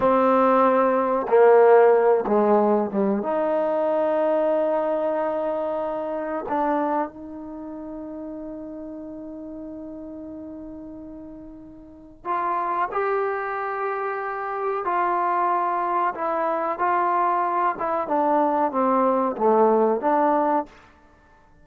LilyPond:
\new Staff \with { instrumentName = "trombone" } { \time 4/4 \tempo 4 = 93 c'2 ais4. gis8~ | gis8 g8 dis'2.~ | dis'2 d'4 dis'4~ | dis'1~ |
dis'2. f'4 | g'2. f'4~ | f'4 e'4 f'4. e'8 | d'4 c'4 a4 d'4 | }